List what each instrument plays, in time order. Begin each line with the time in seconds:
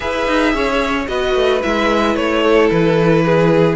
0.00 cello E4, viola G#4, violin B4 E5
0.27 cello D#4
0.53 cello C#4, violin C#5
1.07 cello B3, viola F#4, violin B4 D#5
1.34 cello A3
1.62 cello G#3, viola E4, violin E5
2.15 cello A3, violin C#5
2.43 violin A4
2.70 cello E3, violin B4
3.25 violin G#4